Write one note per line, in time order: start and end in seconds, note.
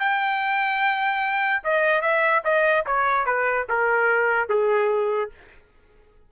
0.00 1.63 G5
1.64 2.02 D#5
2.02 2.43 E5
2.45 2.85 D#5
2.87 3.26 C#5
3.26 3.67 B4
3.69 4.49 A#4
4.49 5.31 G#4